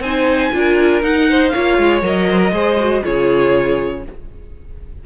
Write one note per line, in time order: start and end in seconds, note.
0.00 0.50 C4
0.00 0.53 D#4
0.00 0.53 C5
0.00 1.02 G#5
0.53 1.02 D4
0.53 1.02 F4
0.53 1.30 A#4
1.02 1.52 D#4
1.02 1.49 F#5
1.30 1.53 C5
1.49 2.28 C#5
1.49 1.99 F5
1.55 1.78 A#3
1.55 2.02 F4
1.78 2.02 G#3
2.02 2.52 F#3
2.02 2.52 A#4
2.02 3.05 D#5
2.31 2.39 C5
2.39 2.51 A#4
2.52 3.02 G#3
2.52 2.77 G#4
2.52 3.03 C5
2.80 3.03 F#4
3.03 4.06 C#3
3.03 4.03 F4
3.03 4.03 G#4
3.03 4.05 C#5